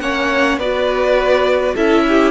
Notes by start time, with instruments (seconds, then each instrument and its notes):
0.00 cello A#3, viola C#4, violin C#5 F#5
0.58 cello B3, viola F#4, violin B4 D5
1.74 cello C#4, viola E4, violin A4 E5
2.08 violin G4